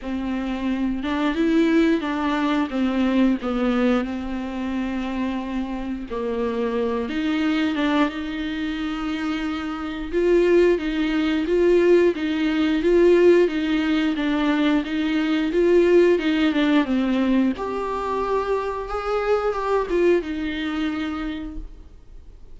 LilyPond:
\new Staff \with { instrumentName = "viola" } { \time 4/4 \tempo 4 = 89 c'4. d'8 e'4 d'4 | c'4 b4 c'2~ | c'4 ais4. dis'4 d'8 | dis'2. f'4 |
dis'4 f'4 dis'4 f'4 | dis'4 d'4 dis'4 f'4 | dis'8 d'8 c'4 g'2 | gis'4 g'8 f'8 dis'2 | }